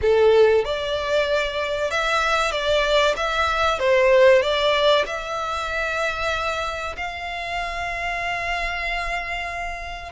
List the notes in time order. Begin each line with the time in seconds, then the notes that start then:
0.01 A4
0.64 D5
1.90 E5
2.51 D5
3.16 E5
3.79 C5
4.42 D5
5.06 E5
6.96 F5